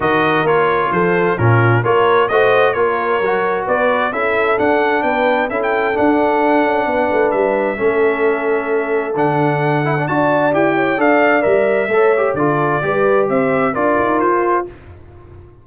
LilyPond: <<
  \new Staff \with { instrumentName = "trumpet" } { \time 4/4 \tempo 4 = 131 dis''4 cis''4 c''4 ais'4 | cis''4 dis''4 cis''2 | d''4 e''4 fis''4 g''4 | e''16 g''8. fis''2. |
e''1 | fis''2 a''4 g''4 | f''4 e''2 d''4~ | d''4 e''4 d''4 c''4 | }
  \new Staff \with { instrumentName = "horn" } { \time 4/4 ais'2 a'4 f'4 | ais'4 c''4 ais'2 | b'4 a'2 b'4 | a'2. b'4~ |
b'4 a'2.~ | a'2 d''4. cis''8 | d''2 cis''4 a'4 | b'4 c''4 ais'2 | }
  \new Staff \with { instrumentName = "trombone" } { \time 4/4 fis'4 f'2 cis'4 | f'4 fis'4 f'4 fis'4~ | fis'4 e'4 d'2 | e'4 d'2.~ |
d'4 cis'2. | d'4. e'16 d'16 fis'4 g'4 | a'4 ais'4 a'8 g'8 f'4 | g'2 f'2 | }
  \new Staff \with { instrumentName = "tuba" } { \time 4/4 dis4 ais4 f4 ais,4 | ais4 a4 ais4 fis4 | b4 cis'4 d'4 b4 | cis'4 d'4. cis'8 b8 a8 |
g4 a2. | d2 d'4 e'4 | d'4 g4 a4 d4 | g4 c'4 d'8 dis'8 f'4 | }
>>